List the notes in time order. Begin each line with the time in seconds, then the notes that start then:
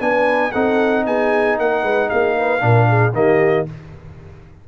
0.00 B3 D4 B4 G#5
0.52 C4 D#4 A4 F#5
1.06 B3 G#4 G#5
1.58 A#3 A#4 F#5
1.82 G#3 B4
2.09 A#3 G#4 F5
2.37 B4
2.60 A#2 D4 A#4
2.88 G#4
3.13 D#3 A#3 G4 D#5